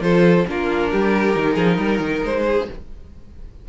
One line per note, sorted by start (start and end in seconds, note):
0.00 0.44 F3
0.00 0.45 F4
0.00 0.47 A4
0.00 0.46 C5
0.47 0.91 A#3
0.47 1.34 D4
0.47 0.91 F4
0.47 2.24 A#4
0.91 1.35 G3
0.91 1.54 G4
1.34 1.56 D#3
1.34 2.66 D#4
1.54 1.77 F3
1.54 1.76 G#4
1.77 1.99 G3
1.77 2.43 A#4
1.99 2.21 D#3
2.23 2.68 G#3
2.23 2.68 C5
2.46 2.68 G#4